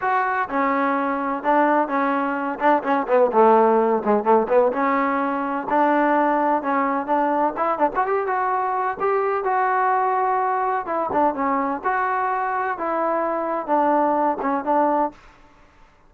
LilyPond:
\new Staff \with { instrumentName = "trombone" } { \time 4/4 \tempo 4 = 127 fis'4 cis'2 d'4 | cis'4. d'8 cis'8 b8 a4~ | a8 gis8 a8 b8 cis'2 | d'2 cis'4 d'4 |
e'8 d'16 fis'16 g'8 fis'4. g'4 | fis'2. e'8 d'8 | cis'4 fis'2 e'4~ | e'4 d'4. cis'8 d'4 | }